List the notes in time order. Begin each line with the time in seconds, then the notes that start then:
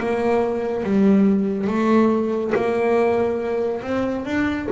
0.00 A#3
0.84 G3
1.68 A3
2.55 A#3
3.83 C4
4.25 D4